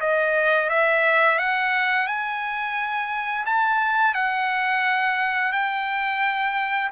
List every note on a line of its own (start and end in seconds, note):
0.00 0.69 D#5
0.69 1.38 E5
1.38 2.07 F#5
2.07 3.45 G#5
3.45 4.14 A5
4.14 5.52 F#5
5.52 6.90 G5